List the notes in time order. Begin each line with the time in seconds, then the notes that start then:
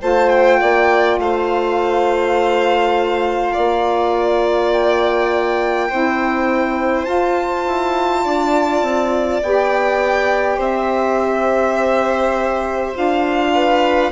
0.00 A3 F4 C5 A5
0.29 G5
0.60 A#3 D5
1.19 A3 C5 F5
3.53 A#3 D5
4.72 G5
5.89 C4 E4 C5
7.05 F4 A5
7.67 E4
8.24 D4 D5
8.82 C4
9.43 B3 G4 G5
10.57 C4 C5 E5
12.93 D4 F4 F5
13.54 B4